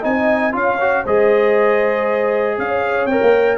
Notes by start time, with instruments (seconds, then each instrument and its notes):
0.00 tuba C4, trombone D#4, horn D#5, trumpet G#5
0.52 tuba C#4, trombone F4, horn C#5, trumpet F5
0.80 trombone F#4
1.03 tuba G#3, trombone G#4, horn C5, trumpet D#5
2.58 tuba C#4, horn C#5, trumpet F5
3.05 tuba C4, trombone A#4, trumpet G5
3.22 tuba A#3